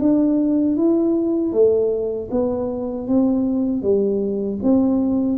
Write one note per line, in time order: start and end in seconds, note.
0.00 0.77 D4
0.77 1.52 E4
1.52 2.29 A3
2.31 3.08 B3
3.08 3.83 C4
3.83 4.60 G3
4.63 5.38 C4